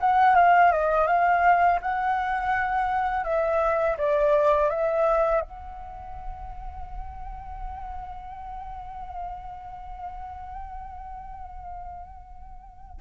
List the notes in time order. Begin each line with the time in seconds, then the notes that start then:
0.00 F#5
0.35 F5
0.72 D#5
1.07 F5
1.81 F#5
3.24 E5
3.98 D5
4.70 E5
5.41 F#5